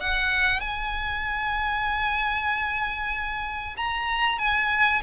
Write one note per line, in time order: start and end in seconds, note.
0.00 0.60 F#5
0.60 3.76 G#5
3.77 4.38 A#5
4.38 5.01 G#5